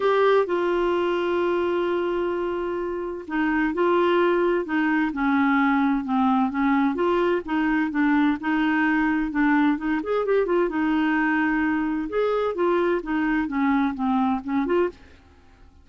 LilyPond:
\new Staff \with { instrumentName = "clarinet" } { \time 4/4 \tempo 4 = 129 g'4 f'2.~ | f'2. dis'4 | f'2 dis'4 cis'4~ | cis'4 c'4 cis'4 f'4 |
dis'4 d'4 dis'2 | d'4 dis'8 gis'8 g'8 f'8 dis'4~ | dis'2 gis'4 f'4 | dis'4 cis'4 c'4 cis'8 f'8 | }